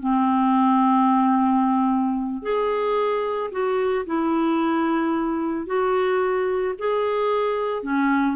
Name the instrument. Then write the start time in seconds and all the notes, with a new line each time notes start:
clarinet
0.00 C4
2.43 G#4
3.52 F#4
4.06 E4
5.67 F#4
6.79 G#4
7.83 C#4